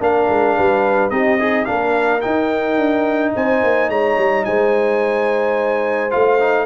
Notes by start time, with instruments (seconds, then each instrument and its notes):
0.00 tuba A#3, trombone D4, horn A#4, trumpet F5
0.29 tuba G#3
0.57 tuba G3, horn B4
1.10 tuba C4, trombone D#4, horn G4, trumpet D#5
1.39 horn D#4, trombone G#4
1.65 tuba A#3, trombone D4, horn A#4, trumpet F5
2.21 trombone D#4, tuba D#4, trumpet G5
2.78 tuba D4
3.36 tuba C4, horn C5, trumpet G#5
3.63 tuba A#3
3.89 tuba G#3, horn C#5, trumpet A#5
4.18 tuba G3
4.45 tuba G#3, horn C5, trumpet G#5
6.11 tuba A3, trombone F4, trumpet F5
6.40 trombone D#4